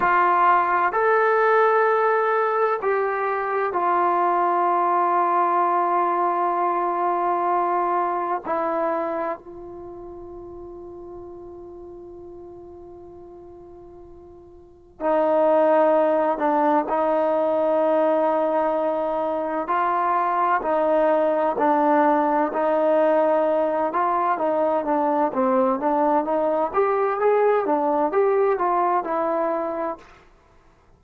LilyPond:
\new Staff \with { instrumentName = "trombone" } { \time 4/4 \tempo 4 = 64 f'4 a'2 g'4 | f'1~ | f'4 e'4 f'2~ | f'1 |
dis'4. d'8 dis'2~ | dis'4 f'4 dis'4 d'4 | dis'4. f'8 dis'8 d'8 c'8 d'8 | dis'8 g'8 gis'8 d'8 g'8 f'8 e'4 | }